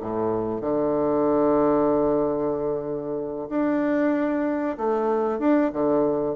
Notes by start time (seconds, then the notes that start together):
0.00 A2
0.61 D3
3.49 D4
4.77 A3
5.38 D4
5.72 D3